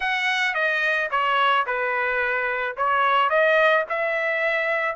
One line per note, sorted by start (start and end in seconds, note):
0.00 0.54 F#5
0.54 1.09 D#5
1.11 1.66 C#5
1.66 2.76 B4
2.76 3.29 C#5
3.29 3.84 D#5
3.89 4.95 E5